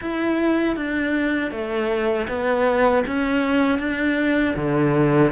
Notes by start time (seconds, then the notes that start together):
0.01 E4
0.76 D4
1.51 A3
2.28 B3
3.06 C#4
3.78 D4
4.56 D3